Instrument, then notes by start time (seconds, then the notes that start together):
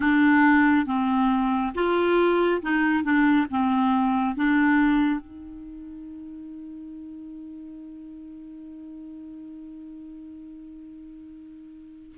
clarinet
0.00 D4
0.86 C4
1.74 F4
2.61 D#4
3.03 D4
3.50 C4
4.35 D4
5.20 D#4